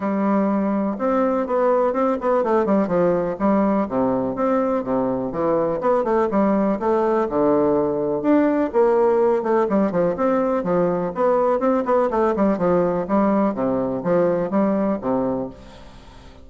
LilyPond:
\new Staff \with { instrumentName = "bassoon" } { \time 4/4 \tempo 4 = 124 g2 c'4 b4 | c'8 b8 a8 g8 f4 g4 | c4 c'4 c4 e4 | b8 a8 g4 a4 d4~ |
d4 d'4 ais4. a8 | g8 f8 c'4 f4 b4 | c'8 b8 a8 g8 f4 g4 | c4 f4 g4 c4 | }